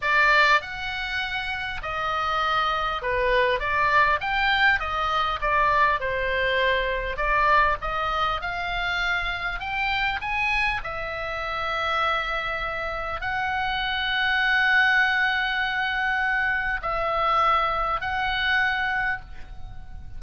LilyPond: \new Staff \with { instrumentName = "oboe" } { \time 4/4 \tempo 4 = 100 d''4 fis''2 dis''4~ | dis''4 b'4 d''4 g''4 | dis''4 d''4 c''2 | d''4 dis''4 f''2 |
g''4 gis''4 e''2~ | e''2 fis''2~ | fis''1 | e''2 fis''2 | }